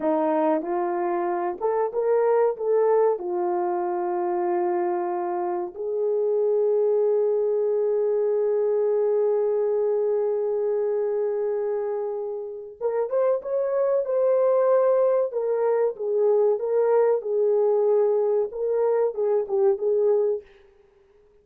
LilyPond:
\new Staff \with { instrumentName = "horn" } { \time 4/4 \tempo 4 = 94 dis'4 f'4. a'8 ais'4 | a'4 f'2.~ | f'4 gis'2.~ | gis'1~ |
gis'1 | ais'8 c''8 cis''4 c''2 | ais'4 gis'4 ais'4 gis'4~ | gis'4 ais'4 gis'8 g'8 gis'4 | }